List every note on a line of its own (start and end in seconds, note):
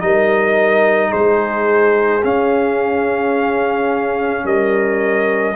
0.00 1.13 G3
0.00 2.22 D#4
0.00 1.10 A#4
0.00 1.12 D#5
1.10 2.24 G#3
1.10 4.43 G#4
1.10 2.23 C5
2.24 4.44 C#4
2.24 5.56 C#4
2.24 4.46 F5
4.44 5.55 G3
4.44 5.56 A#4
4.44 5.56 D#5